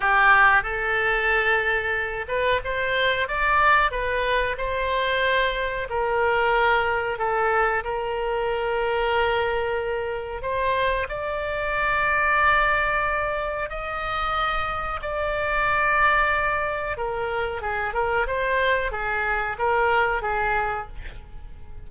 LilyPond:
\new Staff \with { instrumentName = "oboe" } { \time 4/4 \tempo 4 = 92 g'4 a'2~ a'8 b'8 | c''4 d''4 b'4 c''4~ | c''4 ais'2 a'4 | ais'1 |
c''4 d''2.~ | d''4 dis''2 d''4~ | d''2 ais'4 gis'8 ais'8 | c''4 gis'4 ais'4 gis'4 | }